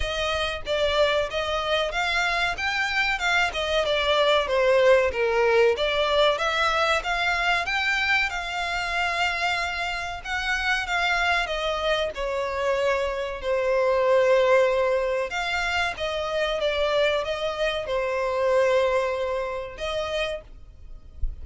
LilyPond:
\new Staff \with { instrumentName = "violin" } { \time 4/4 \tempo 4 = 94 dis''4 d''4 dis''4 f''4 | g''4 f''8 dis''8 d''4 c''4 | ais'4 d''4 e''4 f''4 | g''4 f''2. |
fis''4 f''4 dis''4 cis''4~ | cis''4 c''2. | f''4 dis''4 d''4 dis''4 | c''2. dis''4 | }